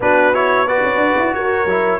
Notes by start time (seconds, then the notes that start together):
0.00 B3 D4 F#4 B4
0.33 E4 C#5
0.67 F#4 B4 D5
0.82 C#4
0.96 D4
1.17 E4
1.33 F#4 A#4 C#5
1.65 F#3 E4